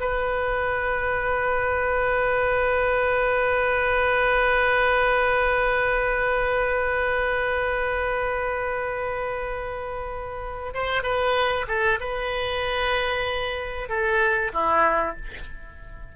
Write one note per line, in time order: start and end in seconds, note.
0.00 10.74 B4
10.74 11.03 C5
11.03 11.66 B4
11.68 11.99 A4
12.00 13.89 B4
13.89 14.52 A4
14.53 15.16 E4